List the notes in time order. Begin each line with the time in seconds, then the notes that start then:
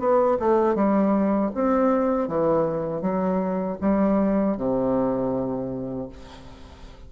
0.00 B3
0.40 A3
0.76 G3
1.55 C4
2.28 E3
3.02 F#3
3.81 G3
4.57 C3